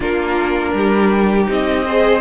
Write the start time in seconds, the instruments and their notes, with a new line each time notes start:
0.00 cello A#3, viola D4, violin F4 A#4
0.73 cello G3, violin G4
1.47 cello C4, viola D#4, violin D#5
1.85 viola G#4, violin C5